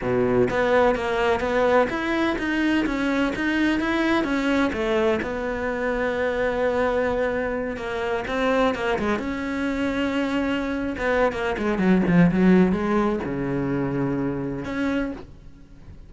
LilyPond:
\new Staff \with { instrumentName = "cello" } { \time 4/4 \tempo 4 = 127 b,4 b4 ais4 b4 | e'4 dis'4 cis'4 dis'4 | e'4 cis'4 a4 b4~ | b1~ |
b8 ais4 c'4 ais8 gis8 cis'8~ | cis'2.~ cis'16 b8. | ais8 gis8 fis8 f8 fis4 gis4 | cis2. cis'4 | }